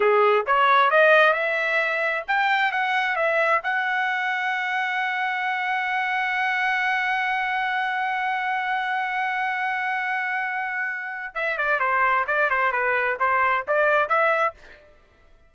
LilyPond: \new Staff \with { instrumentName = "trumpet" } { \time 4/4 \tempo 4 = 132 gis'4 cis''4 dis''4 e''4~ | e''4 g''4 fis''4 e''4 | fis''1~ | fis''1~ |
fis''1~ | fis''1~ | fis''4 e''8 d''8 c''4 d''8 c''8 | b'4 c''4 d''4 e''4 | }